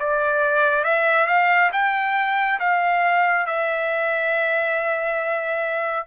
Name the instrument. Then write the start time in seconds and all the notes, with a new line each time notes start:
trumpet
0.00 D5
0.85 E5
1.27 F5
1.73 G5
2.60 F5
3.47 E5